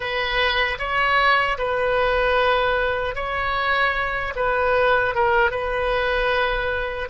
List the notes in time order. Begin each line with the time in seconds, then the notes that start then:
0.00 B4
0.78 C#5
1.58 B4
3.15 C#5
4.35 B4
5.14 A#4
5.50 B4